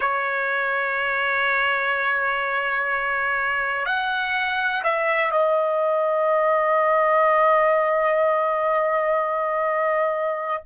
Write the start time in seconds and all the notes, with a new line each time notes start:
0.00 C#5
3.85 F#5
4.83 E5
5.31 D#5